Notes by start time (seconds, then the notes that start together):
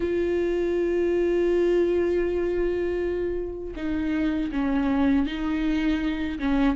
0.00 F4
3.76 D#4
4.51 C#4
5.26 D#4
6.39 C#4